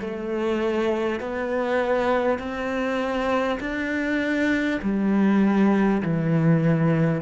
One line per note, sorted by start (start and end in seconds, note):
0.00 1.20 A3
1.20 2.39 B3
2.39 3.59 C4
3.60 4.80 D4
4.82 6.02 G3
6.03 7.22 E3